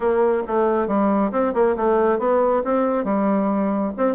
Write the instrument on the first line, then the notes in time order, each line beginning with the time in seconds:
bassoon
0.00 A#3
0.47 A3
0.87 G3
1.31 C4
1.54 A#3
1.76 A3
2.18 B3
2.64 C4
3.04 G3
3.97 C4